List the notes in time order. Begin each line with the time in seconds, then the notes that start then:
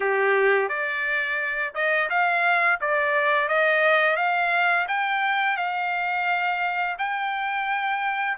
0.00 G4
0.68 D5
1.74 D#5
2.09 F5
2.81 D5
3.48 D#5
4.16 F5
4.88 G5
5.57 F5
6.98 G5